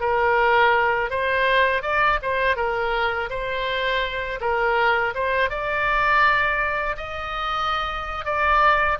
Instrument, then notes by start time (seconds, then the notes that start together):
oboe
0.00 A#4
1.10 C5
1.82 D5
2.22 C5
2.56 A#4
3.29 C5
4.40 A#4
5.14 C5
5.49 D5
6.97 D#5
8.24 D5